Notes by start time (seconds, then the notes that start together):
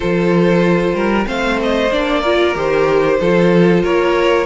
0.00 F3 F4 A4 C5
0.93 G3 A#4
1.24 A3 C4 C5 F5
1.62 D#5
1.92 A#3 D4 D5
2.21 F4 A#4
2.54 D#3 G4 C5
3.20 F3 F4 A4
3.83 A#3 A#4 C#5